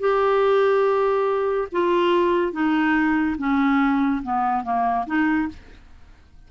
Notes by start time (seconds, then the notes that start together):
0.00 G4
1.72 F4
2.52 D#4
3.38 C#4
4.23 B3
4.63 A#3
5.07 D#4